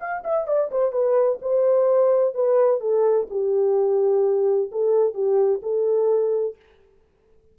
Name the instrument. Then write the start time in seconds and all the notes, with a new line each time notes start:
horn
0.00 F5
0.24 E5
0.47 D5
0.71 C5
0.92 B4
1.42 C5
2.34 B4
2.81 A4
3.30 G4
4.72 A4
5.14 G4
5.62 A4